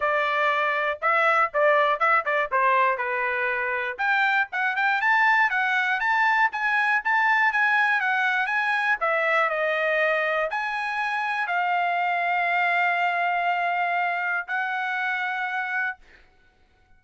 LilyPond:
\new Staff \with { instrumentName = "trumpet" } { \time 4/4 \tempo 4 = 120 d''2 e''4 d''4 | e''8 d''8 c''4 b'2 | g''4 fis''8 g''8 a''4 fis''4 | a''4 gis''4 a''4 gis''4 |
fis''4 gis''4 e''4 dis''4~ | dis''4 gis''2 f''4~ | f''1~ | f''4 fis''2. | }